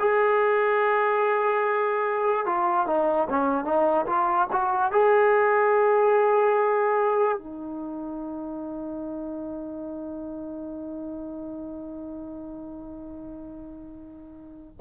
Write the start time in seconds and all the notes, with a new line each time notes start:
0.00 G#4
2.46 F4
2.87 D#4
3.30 C#4
3.65 D#4
4.06 F4
4.52 F#4
4.92 G#4
7.38 D#4